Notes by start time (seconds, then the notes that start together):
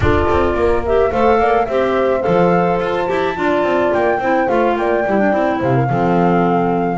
0.00 D4 F4 A4 D5
0.29 C4
0.54 A#3 A#4
0.85 G4 E5
1.11 A3 A4 C5 F5
1.39 A#3 D5
1.65 C4 G4 C5 E5
2.20 A4 F5
2.27 F3
2.80 F4 A5
3.06 E4 G4
3.35 D4 F4 D5
3.63 C4
3.93 A#3 G5
4.19 C4 E4 C5
4.47 A3 F4 F5
4.76 A#3 D5 G5
5.06 G3 E4
5.18 D4
5.32 C4 E4
5.59 C3 C5 F5
5.74 A#4
5.88 F3 C4 A4